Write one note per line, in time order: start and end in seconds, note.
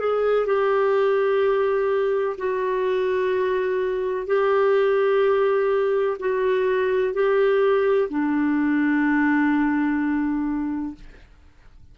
0.00 0.46 G#4
0.46 2.37 G4
2.38 4.27 F#4
4.27 6.17 G4
6.19 7.14 F#4
7.14 8.09 G4
8.10 10.95 D4